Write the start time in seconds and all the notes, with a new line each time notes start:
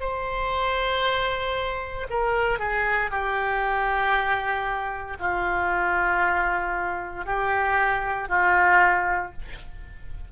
0.00 C5
2.10 A#4
2.59 G#4
3.10 G4
5.19 F4
7.25 G4
8.29 F4